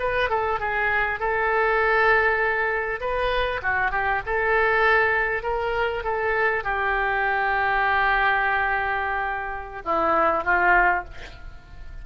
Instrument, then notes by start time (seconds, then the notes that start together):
oboe
0.00 B4
0.30 A4
0.60 G#4
1.20 A4
3.01 B4
3.63 F#4
3.91 G4
4.26 A4
5.43 A#4
6.04 A4
6.64 G4
9.85 E4
10.44 F4